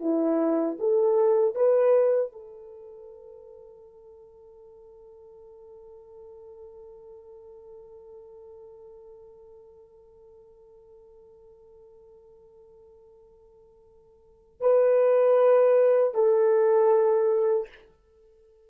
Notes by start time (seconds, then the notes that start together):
0.00 E4
0.79 A4
1.55 B4
2.32 A4
14.60 B4
16.14 A4